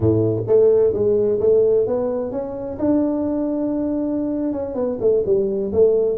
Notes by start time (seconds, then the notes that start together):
0.00 A2
0.47 A3
0.93 G#3
1.40 A3
1.86 B3
2.31 C#4
2.79 D4
4.52 C#4
4.74 B3
5.00 A3
5.25 G3
5.72 A3